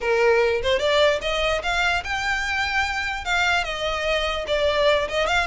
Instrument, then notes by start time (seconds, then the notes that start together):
violin
0.01 A#4
0.62 C5
0.79 D5
1.21 D#5
1.62 F5
2.04 G5
3.24 F5
3.64 D#5
4.47 D5
5.08 D#5
5.26 F5